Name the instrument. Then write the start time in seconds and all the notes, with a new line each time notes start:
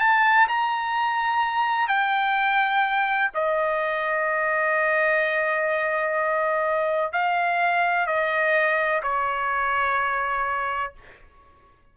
trumpet
0.00 A5
0.48 A#5
1.88 G5
3.35 D#5
7.13 F5
8.07 D#5
9.03 C#5